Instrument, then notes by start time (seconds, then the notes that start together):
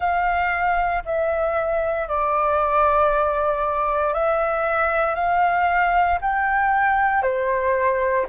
flute
0.00 F5
1.05 E5
2.07 D5
4.13 E5
5.15 F5
6.21 G5
7.22 C5